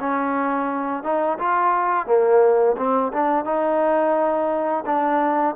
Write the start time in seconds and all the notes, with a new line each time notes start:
0.00 C#4
1.03 D#4
1.39 F4
2.07 A#3
2.78 C4
3.13 D4
3.45 D#4
4.86 D4